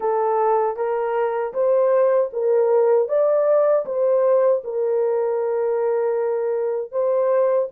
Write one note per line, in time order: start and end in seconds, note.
0.00 0.76 A4
0.76 1.53 A#4
1.53 2.30 C5
2.32 3.08 A#4
3.08 3.85 D5
3.85 4.62 C5
4.64 6.91 A#4
6.91 7.68 C5